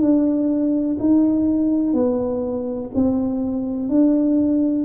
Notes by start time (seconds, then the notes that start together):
0.00 D4
0.99 D#4
1.93 B3
2.94 C4
3.89 D4